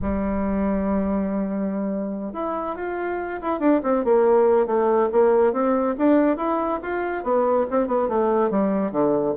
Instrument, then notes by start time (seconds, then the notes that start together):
bassoon
0.01 G3
2.33 E4
2.75 F4
3.41 E4
3.59 D4
3.83 C4
4.04 A#3
4.66 A3
5.12 A#3
5.52 C4
5.97 D4
6.37 E4
6.82 F4
7.23 B3
7.70 C4
7.87 B3
8.08 A3
8.50 G3
8.91 D3